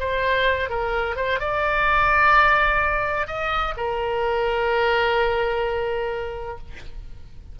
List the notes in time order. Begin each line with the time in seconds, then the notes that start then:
0.00 C5
0.70 A#4
1.16 C5
1.40 D5
3.27 D#5
3.77 A#4